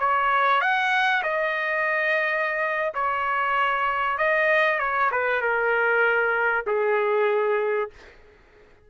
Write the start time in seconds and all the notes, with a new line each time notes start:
0.00 C#5
0.61 F#5
1.23 D#5
2.95 C#5
4.18 D#5
4.80 C#5
5.12 B4
5.42 A#4
6.67 G#4